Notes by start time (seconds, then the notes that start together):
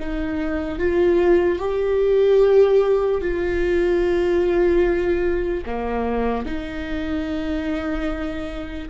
0.00 D#4
0.79 F4
1.59 G4
3.21 F4
5.66 A#3
6.46 D#4